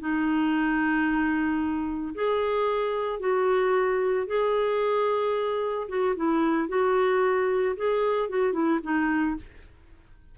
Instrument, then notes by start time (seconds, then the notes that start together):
clarinet
0.00 D#4
2.15 G#4
3.19 F#4
4.27 G#4
5.88 F#4
6.16 E4
6.68 F#4
7.76 G#4
8.29 F#4
8.53 E4
8.83 D#4